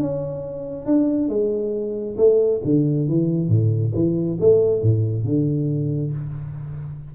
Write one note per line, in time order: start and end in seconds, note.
0.00 0.85 C#4
0.85 1.28 D4
1.28 2.16 G#3
2.17 2.61 A3
2.64 3.08 D3
3.08 3.48 E3
3.48 3.92 A2
3.94 4.38 E3
4.40 4.82 A3
4.82 5.24 A2
5.24 6.12 D3